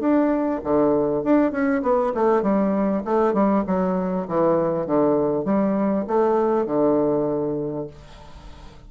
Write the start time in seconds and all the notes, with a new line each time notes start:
0.00 D4
0.64 D3
1.23 D4
1.52 C#4
1.82 B3
2.14 A3
2.42 G3
3.05 A3
3.34 G3
3.67 F#3
4.28 E3
4.87 D3
5.45 G3
6.07 A3
6.66 D3